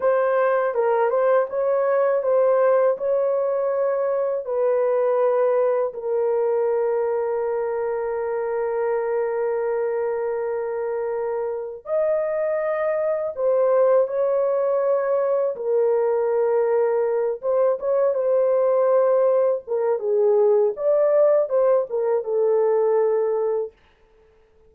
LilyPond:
\new Staff \with { instrumentName = "horn" } { \time 4/4 \tempo 4 = 81 c''4 ais'8 c''8 cis''4 c''4 | cis''2 b'2 | ais'1~ | ais'1 |
dis''2 c''4 cis''4~ | cis''4 ais'2~ ais'8 c''8 | cis''8 c''2 ais'8 gis'4 | d''4 c''8 ais'8 a'2 | }